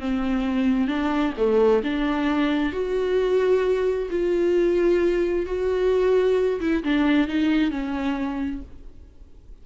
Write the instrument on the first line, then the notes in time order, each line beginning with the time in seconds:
viola
0.00 C4
0.88 D4
1.37 A3
1.84 D4
2.72 F#4
4.11 F4
5.46 F#4
6.61 E4
6.83 D4
7.28 D#4
7.71 C#4